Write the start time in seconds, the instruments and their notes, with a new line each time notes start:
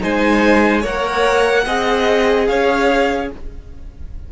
0.00 cello G#3, viola D#4, violin C5 G#5
0.81 cello A#3, viola A#4, violin C#5 F#5
1.66 cello C4, viola G#4, violin D#5
2.46 cello C#4, violin C#5 F5